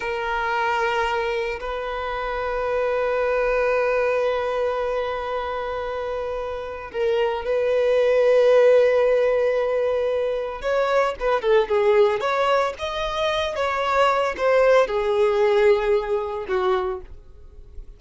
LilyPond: \new Staff \with { instrumentName = "violin" } { \time 4/4 \tempo 4 = 113 ais'2. b'4~ | b'1~ | b'1~ | b'4 ais'4 b'2~ |
b'1 | cis''4 b'8 a'8 gis'4 cis''4 | dis''4. cis''4. c''4 | gis'2. fis'4 | }